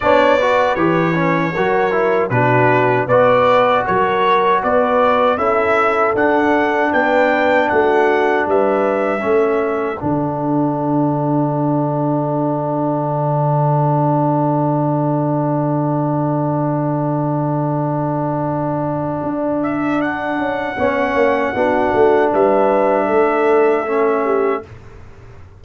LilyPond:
<<
  \new Staff \with { instrumentName = "trumpet" } { \time 4/4 \tempo 4 = 78 d''4 cis''2 b'4 | d''4 cis''4 d''4 e''4 | fis''4 g''4 fis''4 e''4~ | e''4 fis''2.~ |
fis''1~ | fis''1~ | fis''4. e''8 fis''2~ | fis''4 e''2. | }
  \new Staff \with { instrumentName = "horn" } { \time 4/4 cis''8 b'4. ais'4 fis'4 | b'4 ais'4 b'4 a'4~ | a'4 b'4 fis'4 b'4 | a'1~ |
a'1~ | a'1~ | a'2. cis''4 | fis'4 b'4 a'4. g'8 | }
  \new Staff \with { instrumentName = "trombone" } { \time 4/4 d'8 fis'8 g'8 cis'8 fis'8 e'8 d'4 | fis'2. e'4 | d'1 | cis'4 d'2.~ |
d'1~ | d'1~ | d'2. cis'4 | d'2. cis'4 | }
  \new Staff \with { instrumentName = "tuba" } { \time 4/4 b4 e4 fis4 b,4 | b4 fis4 b4 cis'4 | d'4 b4 a4 g4 | a4 d2.~ |
d1~ | d1~ | d4 d'4. cis'8 b8 ais8 | b8 a8 g4 a2 | }
>>